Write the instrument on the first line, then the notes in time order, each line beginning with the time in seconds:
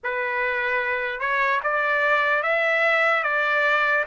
trumpet
0.03 B4
1.19 C#5
1.63 D5
2.42 E5
3.23 D5